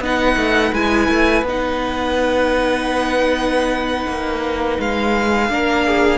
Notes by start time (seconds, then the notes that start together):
0.00 B3 D#4 B4 F#5
0.36 A3
0.73 G#3 E4 G#5
1.09 A3
1.42 B3 D#4
1.49 F#5
4.08 A#3
4.79 G#3 F5
5.49 A#3 D4 A#4
5.86 G#4